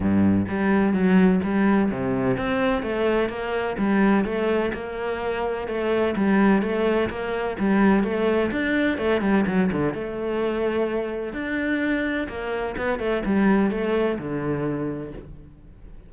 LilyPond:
\new Staff \with { instrumentName = "cello" } { \time 4/4 \tempo 4 = 127 g,4 g4 fis4 g4 | c4 c'4 a4 ais4 | g4 a4 ais2 | a4 g4 a4 ais4 |
g4 a4 d'4 a8 g8 | fis8 d8 a2. | d'2 ais4 b8 a8 | g4 a4 d2 | }